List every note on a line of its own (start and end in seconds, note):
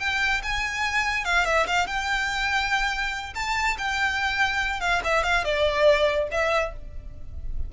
0.00 0.42 G5
0.43 1.25 G#5
1.25 1.46 F5
1.46 1.67 E5
1.67 1.87 F5
1.87 3.34 G5
3.35 3.77 A5
3.78 4.81 G5
4.81 5.02 F5
5.04 5.24 E5
5.24 5.45 F5
5.45 6.29 D5
6.31 6.73 E5